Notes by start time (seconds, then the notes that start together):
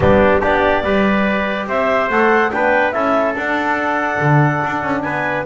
0.00 G3 B3 D4 G4
0.41 B3 D4 G4 D5
0.83 G3 G4 B4
1.67 C4 C5 E5
2.09 A3 A4 F#5
2.51 B3 D4 B4 G5
2.91 C#4 E4 A4 E5
3.35 D4 F#5
4.20 D3
4.64 D4
4.82 C#4
5.01 B3 B4 G#5